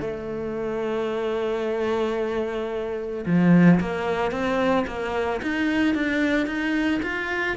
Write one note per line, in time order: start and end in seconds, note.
0.00 3.24 A3
3.25 3.79 F3
3.80 4.31 A#3
4.31 4.85 C4
4.86 5.41 A#3
5.42 5.94 D#4
5.94 6.46 D4
6.46 7.00 D#4
7.02 7.56 F4